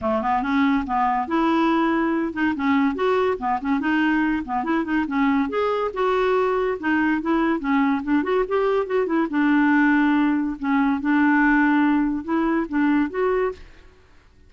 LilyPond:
\new Staff \with { instrumentName = "clarinet" } { \time 4/4 \tempo 4 = 142 a8 b8 cis'4 b4 e'4~ | e'4. dis'8 cis'4 fis'4 | b8 cis'8 dis'4. b8 e'8 dis'8 | cis'4 gis'4 fis'2 |
dis'4 e'4 cis'4 d'8 fis'8 | g'4 fis'8 e'8 d'2~ | d'4 cis'4 d'2~ | d'4 e'4 d'4 fis'4 | }